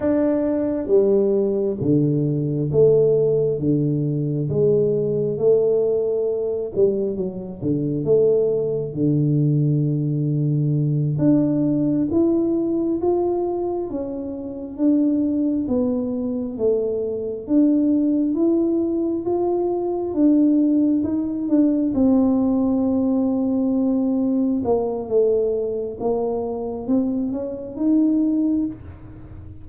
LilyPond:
\new Staff \with { instrumentName = "tuba" } { \time 4/4 \tempo 4 = 67 d'4 g4 d4 a4 | d4 gis4 a4. g8 | fis8 d8 a4 d2~ | d8 d'4 e'4 f'4 cis'8~ |
cis'8 d'4 b4 a4 d'8~ | d'8 e'4 f'4 d'4 dis'8 | d'8 c'2. ais8 | a4 ais4 c'8 cis'8 dis'4 | }